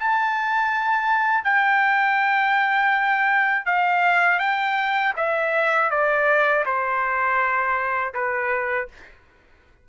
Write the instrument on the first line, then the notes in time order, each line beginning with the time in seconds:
trumpet
0.00 A5
1.44 G5
3.66 F5
4.40 G5
5.17 E5
5.91 D5
6.66 C5
8.14 B4